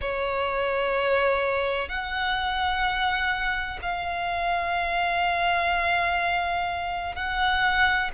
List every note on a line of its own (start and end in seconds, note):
0.01 1.88 C#5
1.88 3.79 F#5
3.81 7.15 F5
7.15 8.10 F#5